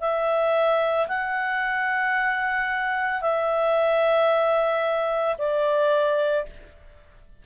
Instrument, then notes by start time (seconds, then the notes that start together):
clarinet
0.00 E5
1.08 F#5
3.21 E5
5.38 D5